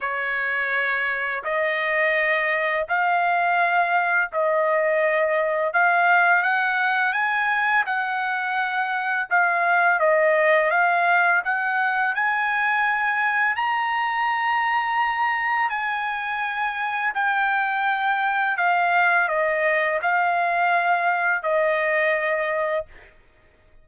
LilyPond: \new Staff \with { instrumentName = "trumpet" } { \time 4/4 \tempo 4 = 84 cis''2 dis''2 | f''2 dis''2 | f''4 fis''4 gis''4 fis''4~ | fis''4 f''4 dis''4 f''4 |
fis''4 gis''2 ais''4~ | ais''2 gis''2 | g''2 f''4 dis''4 | f''2 dis''2 | }